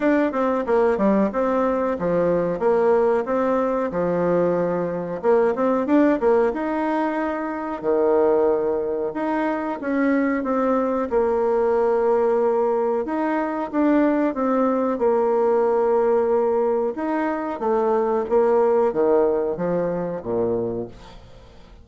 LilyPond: \new Staff \with { instrumentName = "bassoon" } { \time 4/4 \tempo 4 = 92 d'8 c'8 ais8 g8 c'4 f4 | ais4 c'4 f2 | ais8 c'8 d'8 ais8 dis'2 | dis2 dis'4 cis'4 |
c'4 ais2. | dis'4 d'4 c'4 ais4~ | ais2 dis'4 a4 | ais4 dis4 f4 ais,4 | }